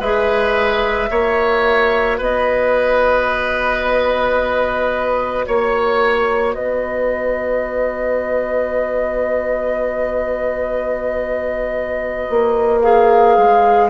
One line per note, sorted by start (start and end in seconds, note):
0.00 1.09 G#3
0.00 1.09 G#4
0.00 1.10 B4
0.00 2.19 E5
1.09 2.20 A#3
1.09 12.82 F#4
1.09 2.18 C#5
2.18 5.47 B3
2.18 5.45 B4
2.18 5.46 D#5
5.46 6.55 A#3
5.46 6.53 C#5
5.46 6.55 C#5
6.53 12.28 B3
6.53 13.90 B4
6.53 12.81 D#5
12.30 13.37 A#3
12.81 13.90 G#4
12.81 13.90 F5
13.37 13.90 G#3